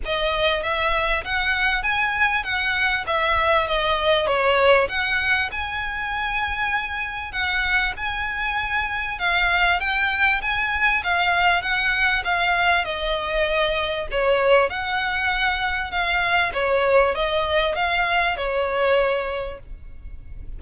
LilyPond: \new Staff \with { instrumentName = "violin" } { \time 4/4 \tempo 4 = 98 dis''4 e''4 fis''4 gis''4 | fis''4 e''4 dis''4 cis''4 | fis''4 gis''2. | fis''4 gis''2 f''4 |
g''4 gis''4 f''4 fis''4 | f''4 dis''2 cis''4 | fis''2 f''4 cis''4 | dis''4 f''4 cis''2 | }